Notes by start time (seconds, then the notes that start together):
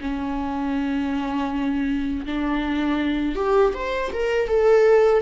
0.00 C#4
2.25 D4
3.35 G4
3.73 C5
4.13 A#4
4.47 A4